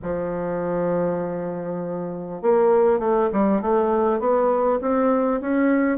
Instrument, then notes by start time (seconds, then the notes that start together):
bassoon
0.02 F3
2.42 A#3
2.99 A3
3.32 G3
3.61 A3
4.19 B3
4.81 C4
5.40 C#4